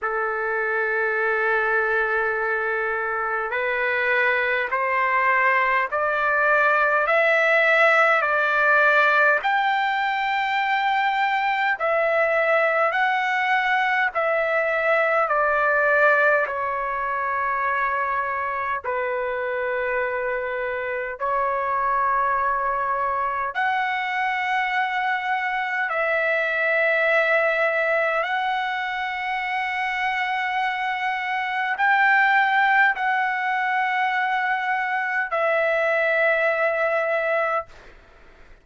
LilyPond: \new Staff \with { instrumentName = "trumpet" } { \time 4/4 \tempo 4 = 51 a'2. b'4 | c''4 d''4 e''4 d''4 | g''2 e''4 fis''4 | e''4 d''4 cis''2 |
b'2 cis''2 | fis''2 e''2 | fis''2. g''4 | fis''2 e''2 | }